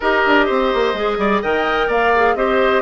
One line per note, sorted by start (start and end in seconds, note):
0.00 0.25 D#4
0.00 0.96 G4
0.00 0.46 A#4
0.00 1.42 D#5
0.26 0.49 D4
0.46 0.73 C4
0.46 1.17 C5
0.73 0.93 A#3
0.93 1.17 G#3
0.93 1.43 G#4
1.17 1.41 G3
1.17 1.41 D5
1.41 1.88 D#3
1.41 2.14 A#4
1.41 1.87 D#5
1.41 1.89 G5
1.87 2.35 A#3
1.87 2.34 D5
1.87 2.35 F5
2.15 2.36 G#4
2.35 2.81 C4
2.35 2.81 G4
2.35 2.81 C5
2.35 2.81 D#5